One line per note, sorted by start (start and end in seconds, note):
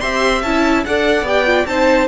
0.00 0.43 C4
0.00 0.43 G4
0.00 0.85 E5
0.00 0.42 C6
0.42 0.84 C#4
0.42 0.86 E4
0.42 0.84 A5
0.85 1.22 D4
0.85 1.25 A4
0.85 1.69 D5
0.85 1.27 F#5
1.22 1.64 B3
1.22 1.46 G4
1.22 1.66 G5
1.46 1.66 F4
1.66 2.08 C4
1.66 2.08 D#4
1.66 2.08 C5
1.66 2.08 A5